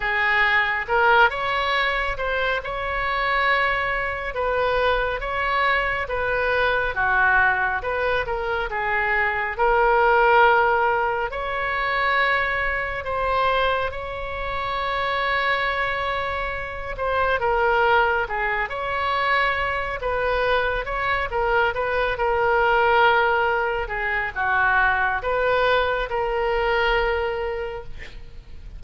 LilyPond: \new Staff \with { instrumentName = "oboe" } { \time 4/4 \tempo 4 = 69 gis'4 ais'8 cis''4 c''8 cis''4~ | cis''4 b'4 cis''4 b'4 | fis'4 b'8 ais'8 gis'4 ais'4~ | ais'4 cis''2 c''4 |
cis''2.~ cis''8 c''8 | ais'4 gis'8 cis''4. b'4 | cis''8 ais'8 b'8 ais'2 gis'8 | fis'4 b'4 ais'2 | }